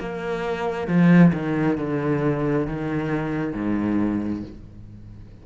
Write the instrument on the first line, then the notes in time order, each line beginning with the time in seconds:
cello
0.00 A#3
0.88 F3
1.34 D#3
1.77 D3
2.67 D#3
3.53 G#2